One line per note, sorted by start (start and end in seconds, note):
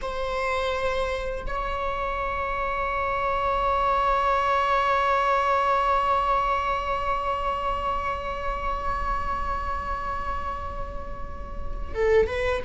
0.01 1.46 C5
1.46 11.94 C#5
11.94 12.26 A4
12.26 12.62 B4